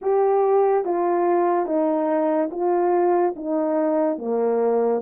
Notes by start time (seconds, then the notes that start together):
0.01 G4
0.84 F4
1.66 D#4
2.51 F4
3.35 D#4
4.18 A#3